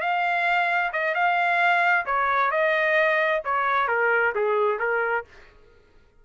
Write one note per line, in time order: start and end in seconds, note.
0.00 0.91 F5
0.92 1.14 D#5
1.14 2.05 F5
2.05 2.51 C#5
2.51 3.42 D#5
3.44 3.87 C#5
3.87 4.33 A#4
4.35 4.79 G#4
4.79 5.24 A#4